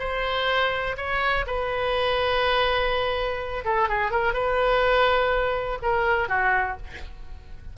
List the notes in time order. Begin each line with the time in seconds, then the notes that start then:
0.00 C5
0.98 C#5
1.47 B4
3.65 A4
3.89 G#4
4.12 A#4
4.34 B4
5.83 A#4
6.29 F#4